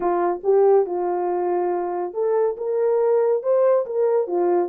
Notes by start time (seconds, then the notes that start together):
0.00 F4
0.43 G4
0.86 F4
2.13 A4
2.57 A#4
3.42 C5
3.86 A#4
4.27 F4